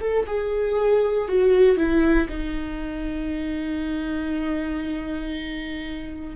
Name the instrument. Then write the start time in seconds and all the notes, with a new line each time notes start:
viola
0.00 A4
0.26 G#4
1.28 F#4
1.77 E4
2.29 D#4